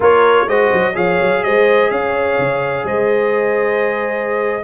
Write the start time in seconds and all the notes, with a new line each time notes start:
0.00 A#3 F4 A#4 C#5
0.47 G#3 F#4 C5 D#5
0.73 F#3
0.94 F3 G#4 C#5 F5
1.20 F#3
1.43 G#3 C5 D#5
1.90 C#4 C#5 F5
2.38 C#3
2.84 G#3 C5 D#5